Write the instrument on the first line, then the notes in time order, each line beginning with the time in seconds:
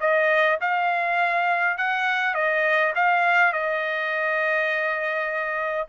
trumpet
0.00 D#5
0.60 F5
1.77 F#5
2.34 D#5
2.95 F5
3.52 D#5